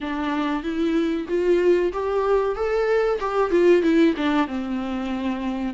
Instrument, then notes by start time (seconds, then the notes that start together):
viola
0.00 D4
0.63 E4
1.28 F4
1.93 G4
2.55 A4
3.19 G4
3.50 F4
3.82 E4
4.17 D4
4.47 C4